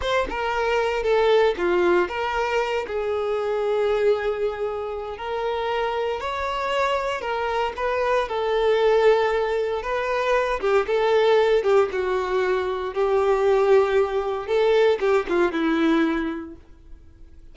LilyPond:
\new Staff \with { instrumentName = "violin" } { \time 4/4 \tempo 4 = 116 c''8 ais'4. a'4 f'4 | ais'4. gis'2~ gis'8~ | gis'2 ais'2 | cis''2 ais'4 b'4 |
a'2. b'4~ | b'8 g'8 a'4. g'8 fis'4~ | fis'4 g'2. | a'4 g'8 f'8 e'2 | }